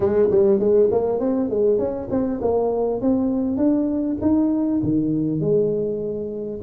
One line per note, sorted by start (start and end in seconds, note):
0.00 0.28 G#3
0.30 0.59 G3
0.59 0.89 G#3
0.91 1.19 A#3
1.19 1.49 C4
1.49 1.78 G#3
1.78 2.08 C#4
2.10 2.40 C4
2.41 3.01 A#3
3.01 3.57 C4
3.57 4.17 D4
4.21 4.81 D#4
4.82 5.40 D#3
5.40 6.60 G#3